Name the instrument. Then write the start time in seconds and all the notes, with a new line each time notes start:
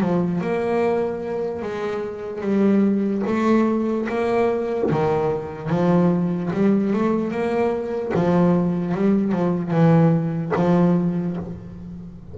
double bass
0.00 F3
0.41 A#3
1.62 G#3
2.41 G3
3.26 A3
4.08 A#3
4.90 D#3
5.69 F3
6.53 G3
6.93 A3
7.31 A#3
8.14 F3
8.94 G3
9.32 F3
9.70 E3
10.56 F3